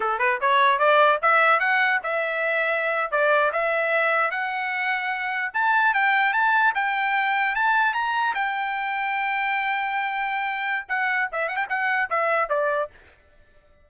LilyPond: \new Staff \with { instrumentName = "trumpet" } { \time 4/4 \tempo 4 = 149 a'8 b'8 cis''4 d''4 e''4 | fis''4 e''2~ e''8. d''16~ | d''8. e''2 fis''4~ fis''16~ | fis''4.~ fis''16 a''4 g''4 a''16~ |
a''8. g''2 a''4 ais''16~ | ais''8. g''2.~ g''16~ | g''2. fis''4 | e''8 fis''16 g''16 fis''4 e''4 d''4 | }